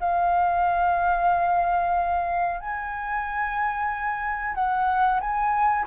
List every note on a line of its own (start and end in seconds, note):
0.00 2.60 F5
2.60 4.55 G#5
4.55 5.20 F#5
5.20 5.85 G#5